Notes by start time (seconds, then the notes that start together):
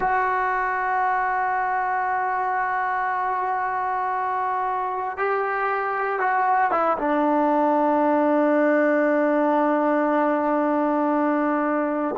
0.00 F#4
5.17 G4
6.19 F#4
6.71 E4
6.98 D4